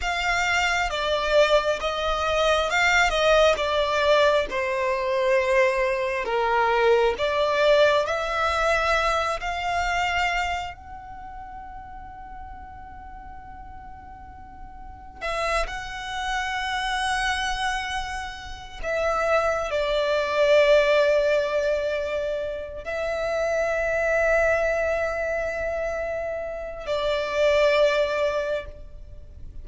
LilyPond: \new Staff \with { instrumentName = "violin" } { \time 4/4 \tempo 4 = 67 f''4 d''4 dis''4 f''8 dis''8 | d''4 c''2 ais'4 | d''4 e''4. f''4. | fis''1~ |
fis''4 e''8 fis''2~ fis''8~ | fis''4 e''4 d''2~ | d''4. e''2~ e''8~ | e''2 d''2 | }